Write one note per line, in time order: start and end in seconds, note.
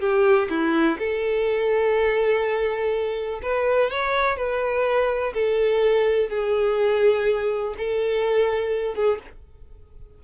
0.00 0.48 G4
0.49 0.98 E4
0.99 3.41 A4
3.42 3.90 B4
3.90 4.37 C#5
4.37 5.33 B4
5.34 6.29 A4
6.29 7.74 G#4
7.77 8.94 A4
8.94 9.19 G#4